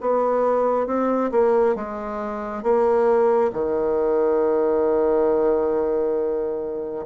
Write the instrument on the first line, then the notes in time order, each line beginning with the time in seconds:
bassoon
0.00 B3
0.86 C4
1.31 A#3
1.75 G#3
2.62 A#3
3.53 D#3